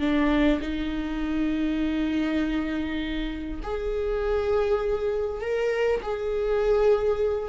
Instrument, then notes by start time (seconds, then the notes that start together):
viola
0.00 D4
0.61 D#4
3.63 G#4
5.41 A#4
6.03 G#4